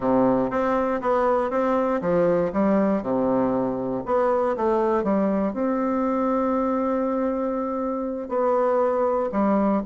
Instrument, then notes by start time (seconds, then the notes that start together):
bassoon
0.00 C3
0.50 C4
1.01 B3
1.50 C4
2.01 F3
2.52 G3
3.02 C3
4.05 B3
4.56 A3
5.03 G3
5.53 C4
8.28 B3
9.31 G3